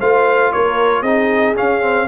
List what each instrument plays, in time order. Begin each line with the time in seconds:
0.00 tuba A3, trombone F4, horn C5, trumpet F5
0.53 tuba A#3, horn A#4, trumpet C#5
1.02 tuba C4, trombone D#4, horn G#4, trumpet D#5
1.56 trombone C#4, tuba C#4, trumpet F5
1.82 trombone C4